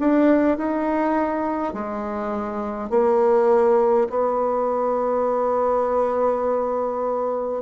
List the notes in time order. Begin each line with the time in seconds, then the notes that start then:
0.00 D4
0.58 D#4
1.74 G#3
2.90 A#3
4.10 B3